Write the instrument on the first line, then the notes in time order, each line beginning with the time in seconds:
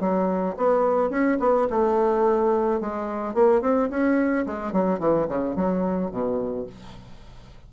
bassoon
0.00 F#3
0.57 B3
1.10 C#4
1.40 B3
1.70 A3
2.81 G#3
3.34 A#3
3.61 C4
3.90 C#4
4.46 G#3
4.72 F#3
4.99 E3
5.28 C#3
5.56 F#3
6.11 B2